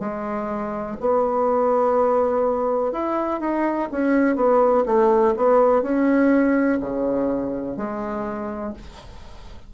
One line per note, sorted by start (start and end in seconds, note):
0.00 0.97 G#3
1.00 2.93 B3
2.93 3.40 E4
3.40 3.89 D#4
3.91 4.36 C#4
4.36 4.84 B3
4.86 5.34 A3
5.37 5.82 B3
5.82 6.79 C#4
6.80 7.77 C#3
7.77 8.74 G#3